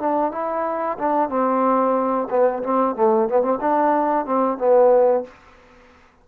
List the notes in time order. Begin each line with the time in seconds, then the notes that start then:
0.00 D4
0.32 E4
0.99 D4
1.29 C4
2.30 B3
2.63 C4
2.96 A3
3.29 B3
3.42 C4
3.61 D4
4.26 C4
4.58 B3